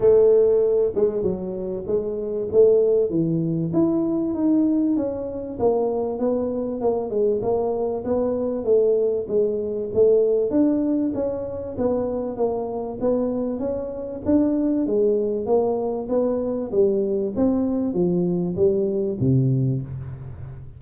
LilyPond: \new Staff \with { instrumentName = "tuba" } { \time 4/4 \tempo 4 = 97 a4. gis8 fis4 gis4 | a4 e4 e'4 dis'4 | cis'4 ais4 b4 ais8 gis8 | ais4 b4 a4 gis4 |
a4 d'4 cis'4 b4 | ais4 b4 cis'4 d'4 | gis4 ais4 b4 g4 | c'4 f4 g4 c4 | }